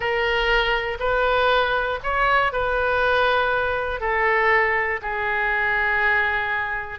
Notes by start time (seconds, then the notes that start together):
0.00 A#4
0.99 B4
2.02 C#5
2.52 B4
4.00 A4
5.02 G#4